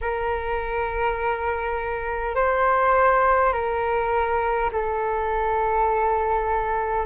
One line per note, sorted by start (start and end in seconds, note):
0.01 2.35 A#4
2.35 3.52 C5
3.52 4.70 A#4
4.72 7.06 A4